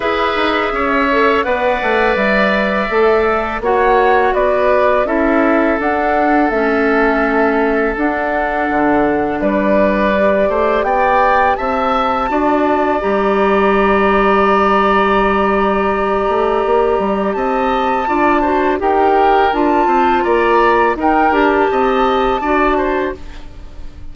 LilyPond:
<<
  \new Staff \with { instrumentName = "flute" } { \time 4/4 \tempo 4 = 83 e''2 fis''4 e''4~ | e''4 fis''4 d''4 e''4 | fis''4 e''2 fis''4~ | fis''4 d''2 g''4 |
a''2 ais''2~ | ais''1 | a''2 g''4 a''4 | ais''4 g''8 a''2~ a''8 | }
  \new Staff \with { instrumentName = "oboe" } { \time 4/4 b'4 cis''4 d''2~ | d''4 cis''4 b'4 a'4~ | a'1~ | a'4 b'4. c''8 d''4 |
e''4 d''2.~ | d''1 | dis''4 d''8 c''8 ais'4. c''8 | d''4 ais'4 dis''4 d''8 c''8 | }
  \new Staff \with { instrumentName = "clarinet" } { \time 4/4 gis'4. a'8 b'2 | a'4 fis'2 e'4 | d'4 cis'2 d'4~ | d'2 g'2~ |
g'4 fis'4 g'2~ | g'1~ | g'4 f'8 fis'8 g'4 f'4~ | f'4 dis'8 g'4. fis'4 | }
  \new Staff \with { instrumentName = "bassoon" } { \time 4/4 e'8 dis'8 cis'4 b8 a8 g4 | a4 ais4 b4 cis'4 | d'4 a2 d'4 | d4 g4. a8 b4 |
c'4 d'4 g2~ | g2~ g8 a8 ais8 g8 | c'4 d'4 dis'4 d'8 c'8 | ais4 dis'8 d'8 c'4 d'4 | }
>>